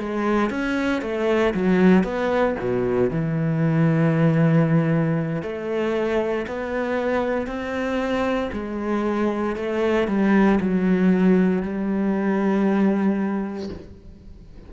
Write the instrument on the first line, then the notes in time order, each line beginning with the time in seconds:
cello
0.00 G#3
0.50 C#4
1.02 A3
1.55 F#3
2.04 B3
2.60 B2
3.11 E3
5.43 A3
6.47 B3
7.47 C4
8.53 G#3
9.56 A3
10.08 G3
10.61 F#3
11.63 G3